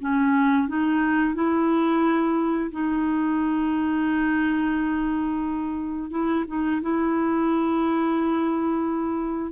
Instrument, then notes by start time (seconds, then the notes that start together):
clarinet
0.00 C#4
0.68 D#4
1.35 E4
2.71 D#4
6.11 E4
6.47 D#4
6.82 E4